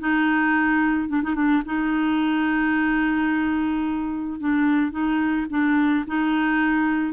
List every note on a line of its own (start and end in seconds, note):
0.00 1.09 D#4
1.09 1.22 D4
1.23 1.35 D#4
1.35 1.63 D4
1.66 4.40 D#4
4.40 4.92 D4
4.92 5.47 D#4
5.50 6.05 D4
6.07 7.13 D#4